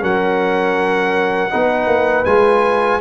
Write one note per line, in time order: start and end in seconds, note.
0.00 1.52 F#3
0.00 1.50 C#4
0.00 1.52 A#4
0.00 2.26 F#5
1.50 1.87 B3
1.50 2.25 D#4
1.50 3.01 B4
1.87 2.25 A#3
2.26 3.01 G#3
2.26 3.01 F4
2.26 3.01 G#5